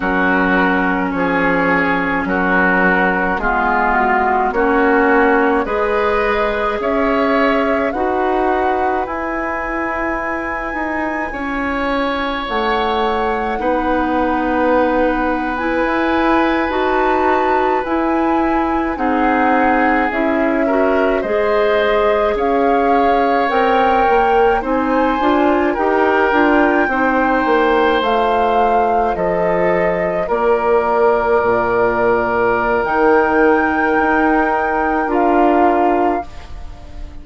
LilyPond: <<
  \new Staff \with { instrumentName = "flute" } { \time 4/4 \tempo 4 = 53 ais'4 cis''4 ais'4 gis'8 fis'8 | cis''4 dis''4 e''4 fis''4 | gis''2. fis''4~ | fis''4.~ fis''16 gis''4 a''4 gis''16~ |
gis''8. fis''4 e''4 dis''4 f''16~ | f''8. g''4 gis''4 g''4~ g''16~ | g''8. f''4 dis''4 d''4~ d''16~ | d''4 g''2 f''4 | }
  \new Staff \with { instrumentName = "oboe" } { \time 4/4 fis'4 gis'4 fis'4 f'4 | fis'4 b'4 cis''4 b'4~ | b'2 cis''2 | b'1~ |
b'8. gis'4. ais'8 c''4 cis''16~ | cis''4.~ cis''16 c''4 ais'4 c''16~ | c''4.~ c''16 a'4 ais'4~ ais'16~ | ais'1 | }
  \new Staff \with { instrumentName = "clarinet" } { \time 4/4 cis'2. b4 | cis'4 gis'2 fis'4 | e'1 | dis'4.~ dis'16 e'4 fis'4 e'16~ |
e'8. dis'4 e'8 fis'8 gis'4~ gis'16~ | gis'8. ais'4 dis'8 f'8 g'8 f'8 dis'16~ | dis'8. f'2.~ f'16~ | f'4 dis'2 f'4 | }
  \new Staff \with { instrumentName = "bassoon" } { \time 4/4 fis4 f4 fis4 gis4 | ais4 gis4 cis'4 dis'4 | e'4. dis'8 cis'4 a4 | b2 e'8. dis'4 e'16~ |
e'8. c'4 cis'4 gis4 cis'16~ | cis'8. c'8 ais8 c'8 d'8 dis'8 d'8 c'16~ | c'16 ais8 a4 f4 ais4 ais,16~ | ais,4 dis4 dis'4 d'4 | }
>>